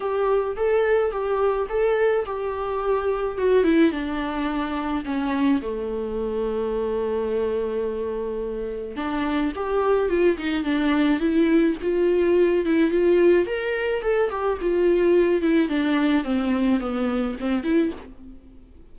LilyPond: \new Staff \with { instrumentName = "viola" } { \time 4/4 \tempo 4 = 107 g'4 a'4 g'4 a'4 | g'2 fis'8 e'8 d'4~ | d'4 cis'4 a2~ | a1 |
d'4 g'4 f'8 dis'8 d'4 | e'4 f'4. e'8 f'4 | ais'4 a'8 g'8 f'4. e'8 | d'4 c'4 b4 c'8 e'8 | }